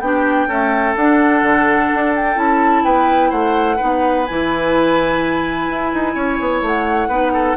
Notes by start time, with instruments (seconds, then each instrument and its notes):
0.00 bassoon B3, clarinet D4, oboe G4, flute G5
0.47 clarinet A3, bassoon C#4, oboe A4
0.96 bassoon D4, clarinet D4, flute F#5
1.42 bassoon D3
1.94 bassoon D4
2.16 flute G5
2.35 bassoon C#4, clarinet E4, flute A5
2.84 bassoon B3, oboe B4, flute G5
3.30 bassoon A3, oboe C5, flute F#5
3.77 bassoon B3, clarinet D#4, oboe B4
4.26 bassoon E3, clarinet E4, flute G#5
5.69 bassoon E4
5.94 bassoon D#4
6.15 bassoon C#4, oboe C#5
6.40 bassoon B3
6.62 bassoon A3, flute F#5
7.08 bassoon B3, clarinet D#4, oboe B4
7.33 oboe A4